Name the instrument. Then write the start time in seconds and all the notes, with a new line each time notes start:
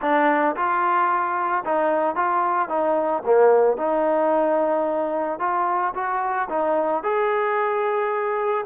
trombone
0.01 D4
0.56 F4
1.64 D#4
2.15 F4
2.69 D#4
3.25 A#3
3.77 D#4
5.39 F4
5.94 F#4
6.49 D#4
7.03 G#4